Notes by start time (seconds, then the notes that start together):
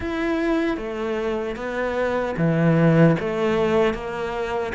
0.00 E4
0.77 A3
1.56 B3
2.37 E3
3.19 A3
3.94 A#3